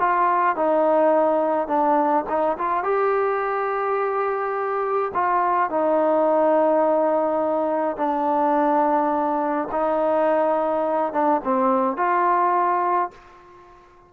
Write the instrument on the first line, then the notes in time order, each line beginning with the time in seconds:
trombone
0.00 F4
0.56 D#4
1.68 D4
2.29 D#4
2.58 F4
2.84 G4
5.14 F4
5.70 D#4
7.97 D4
9.72 D#4
11.13 D4
11.44 C4
11.97 F4